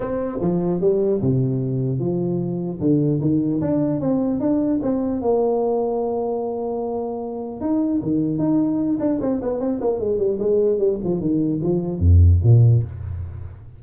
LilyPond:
\new Staff \with { instrumentName = "tuba" } { \time 4/4 \tempo 4 = 150 c'4 f4 g4 c4~ | c4 f2 d4 | dis4 d'4 c'4 d'4 | c'4 ais2.~ |
ais2. dis'4 | dis4 dis'4. d'8 c'8 b8 | c'8 ais8 gis8 g8 gis4 g8 f8 | dis4 f4 f,4 ais,4 | }